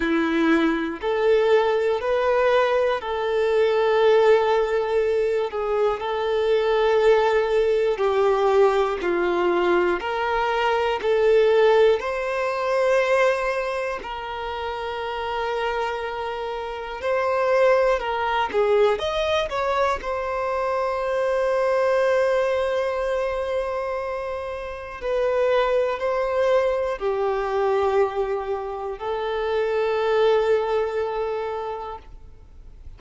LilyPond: \new Staff \with { instrumentName = "violin" } { \time 4/4 \tempo 4 = 60 e'4 a'4 b'4 a'4~ | a'4. gis'8 a'2 | g'4 f'4 ais'4 a'4 | c''2 ais'2~ |
ais'4 c''4 ais'8 gis'8 dis''8 cis''8 | c''1~ | c''4 b'4 c''4 g'4~ | g'4 a'2. | }